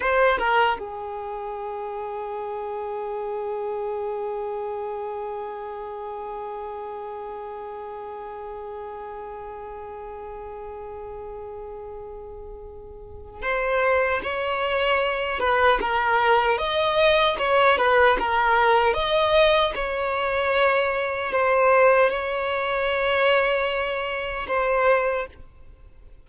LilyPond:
\new Staff \with { instrumentName = "violin" } { \time 4/4 \tempo 4 = 76 c''8 ais'8 gis'2.~ | gis'1~ | gis'1~ | gis'1~ |
gis'4 c''4 cis''4. b'8 | ais'4 dis''4 cis''8 b'8 ais'4 | dis''4 cis''2 c''4 | cis''2. c''4 | }